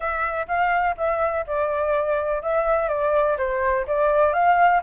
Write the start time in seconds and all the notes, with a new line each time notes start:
0.00 E5
0.47 F5
0.97 E5
1.46 D5
2.42 E5
2.88 D5
3.37 C5
3.87 D5
4.33 F5